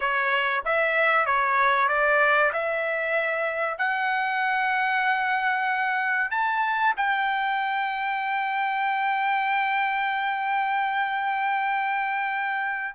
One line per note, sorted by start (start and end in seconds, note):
0.00 0.63 C#5
0.64 1.26 E5
1.26 1.88 C#5
1.88 2.51 D5
2.52 3.78 E5
3.78 6.30 F#5
6.30 6.94 A5
6.96 12.95 G5